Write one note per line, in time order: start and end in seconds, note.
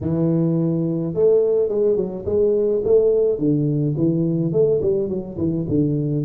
0.01 1.14 E3
1.14 1.69 A3
1.69 1.96 G#3
1.96 2.24 F#3
2.25 2.82 G#3
2.84 3.38 A3
3.38 3.94 D3
3.97 4.52 E3
4.52 4.80 A3
4.82 5.08 G3
5.08 5.37 F#3
5.37 5.66 E3
5.68 6.24 D3